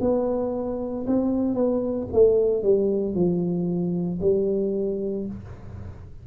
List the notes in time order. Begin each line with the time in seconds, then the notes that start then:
0.00 B3
1.06 C4
1.54 B3
2.12 A3
2.63 G3
3.14 F3
4.21 G3